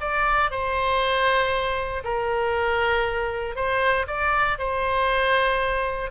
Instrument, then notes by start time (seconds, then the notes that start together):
oboe
0.00 D5
0.50 C5
2.03 A#4
3.55 C5
4.07 D5
4.58 C5